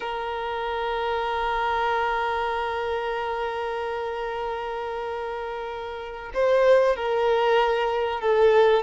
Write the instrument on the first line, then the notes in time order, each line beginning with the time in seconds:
violin
0.00 A#4
6.33 C5
6.96 A#4
8.20 A4